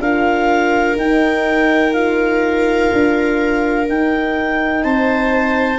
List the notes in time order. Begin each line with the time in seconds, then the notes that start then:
0.00 D4 F4 A#4 F5
0.97 D#4 G5
1.94 F4 F5
2.93 D4
3.88 D#4 G5
4.84 C4 C5 A5